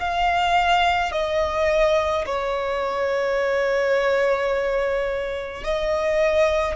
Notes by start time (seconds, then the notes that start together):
0.00 F5
1.12 D#5
2.26 C#5
5.64 D#5